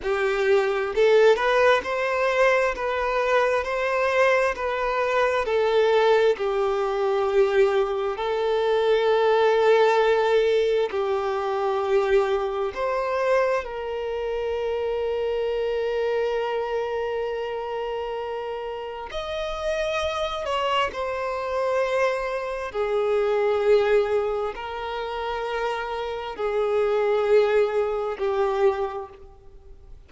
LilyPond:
\new Staff \with { instrumentName = "violin" } { \time 4/4 \tempo 4 = 66 g'4 a'8 b'8 c''4 b'4 | c''4 b'4 a'4 g'4~ | g'4 a'2. | g'2 c''4 ais'4~ |
ais'1~ | ais'4 dis''4. cis''8 c''4~ | c''4 gis'2 ais'4~ | ais'4 gis'2 g'4 | }